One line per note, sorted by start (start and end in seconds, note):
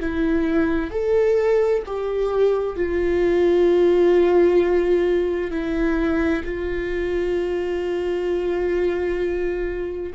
0.00 0.91 E4
0.91 1.83 A4
1.87 2.77 G4
2.77 5.51 F4
5.51 6.43 E4
6.44 10.14 F4